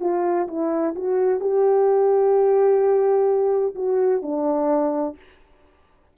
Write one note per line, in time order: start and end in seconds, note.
0.00 0.47 F4
0.47 0.94 E4
0.95 1.40 F#4
1.40 3.75 G4
3.75 4.22 F#4
4.22 5.16 D4